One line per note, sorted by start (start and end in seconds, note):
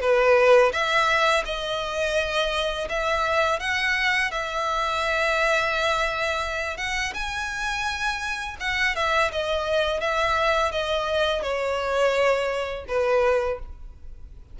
0.00 0.71 B4
0.72 1.44 E5
1.45 2.88 D#5
2.89 3.59 E5
3.59 4.31 F#5
4.31 6.77 E5
6.77 7.13 F#5
7.14 8.56 G#5
8.60 8.95 F#5
8.95 9.31 E5
9.32 10.00 D#5
10.00 10.71 E5
10.71 11.42 D#5
11.42 12.85 C#5
12.88 13.59 B4